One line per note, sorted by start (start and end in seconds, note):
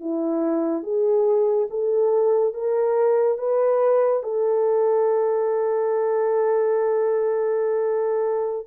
0.00 0.83 E4
0.83 1.67 G#4
1.70 2.54 A4
2.54 3.38 A#4
3.38 4.23 B4
4.23 8.67 A4